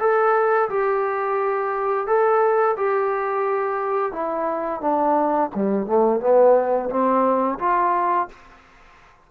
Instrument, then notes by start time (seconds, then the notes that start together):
trombone
0.00 A4
0.70 G4
2.07 A4
2.77 G4
4.12 E4
4.81 D4
5.55 G3
5.87 A3
6.21 B3
6.90 C4
7.59 F4